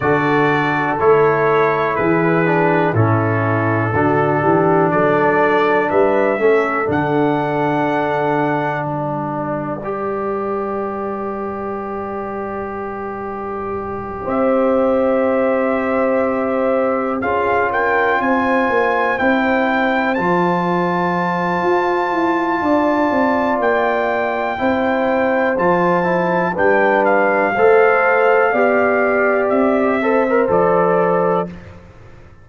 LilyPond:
<<
  \new Staff \with { instrumentName = "trumpet" } { \time 4/4 \tempo 4 = 61 d''4 cis''4 b'4 a'4~ | a'4 d''4 e''4 fis''4~ | fis''4 d''2.~ | d''2~ d''8 e''4.~ |
e''4. f''8 g''8 gis''4 g''8~ | g''8 a''2.~ a''8 | g''2 a''4 g''8 f''8~ | f''2 e''4 d''4 | }
  \new Staff \with { instrumentName = "horn" } { \time 4/4 a'2 gis'4 e'4 | fis'8 g'8 a'4 b'8 a'4.~ | a'4 b'2.~ | b'2~ b'8 c''4.~ |
c''4. gis'8 ais'8 c''4.~ | c''2. d''4~ | d''4 c''2 b'4 | c''4 d''4. c''4. | }
  \new Staff \with { instrumentName = "trombone" } { \time 4/4 fis'4 e'4. d'8 cis'4 | d'2~ d'8 cis'8 d'4~ | d'2 g'2~ | g'1~ |
g'4. f'2 e'8~ | e'8 f'2.~ f'8~ | f'4 e'4 f'8 e'8 d'4 | a'4 g'4. a'16 ais'16 a'4 | }
  \new Staff \with { instrumentName = "tuba" } { \time 4/4 d4 a4 e4 a,4 | d8 e8 fis4 g8 a8 d4~ | d4 g2.~ | g2~ g8 c'4.~ |
c'4. cis'4 c'8 ais8 c'8~ | c'8 f4. f'8 e'8 d'8 c'8 | ais4 c'4 f4 g4 | a4 b4 c'4 f4 | }
>>